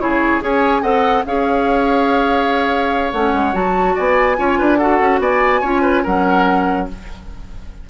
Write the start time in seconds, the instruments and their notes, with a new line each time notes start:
0.00 bassoon C#3, clarinet E4, oboe G#4, flute C#5
0.41 bassoon C#4, clarinet G#4, oboe C#5, flute G#5
0.82 bassoon C4, clarinet A4, oboe D#5, flute F#5
1.25 bassoon C#4, clarinet G#4, oboe C#5, flute F5
3.13 bassoon A3, clarinet C#4, flute F#5
3.33 bassoon G#3
3.53 bassoon F#3, clarinet F#4, flute A5
3.95 bassoon B3, oboe D5, flute G#5
4.36 bassoon C#4, clarinet F4, oboe C#5
4.58 bassoon D4, oboe B4
4.77 clarinet F#4, oboe A4, flute F#5
5.00 bassoon C#4
5.19 bassoon B3, oboe D5, flute G#5
5.61 bassoon C#4, clarinet F4, oboe C#5
5.82 oboe B4
6.03 bassoon F#3, clarinet C#4, oboe A#4, flute F#5